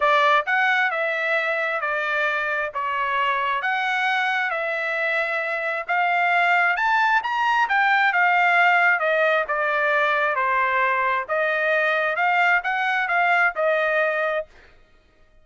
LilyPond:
\new Staff \with { instrumentName = "trumpet" } { \time 4/4 \tempo 4 = 133 d''4 fis''4 e''2 | d''2 cis''2 | fis''2 e''2~ | e''4 f''2 a''4 |
ais''4 g''4 f''2 | dis''4 d''2 c''4~ | c''4 dis''2 f''4 | fis''4 f''4 dis''2 | }